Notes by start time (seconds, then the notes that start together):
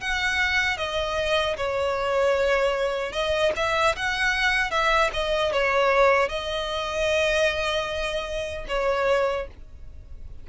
0.00 F#5
0.77 D#5
1.56 C#5
3.12 D#5
3.56 E5
3.96 F#5
4.70 E5
5.13 D#5
5.52 C#5
6.28 D#5
8.68 C#5